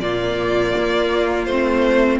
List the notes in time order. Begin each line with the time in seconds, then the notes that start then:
0.00 A#2 A#3 F4 D5
0.78 A#3
1.45 A3 C4 C5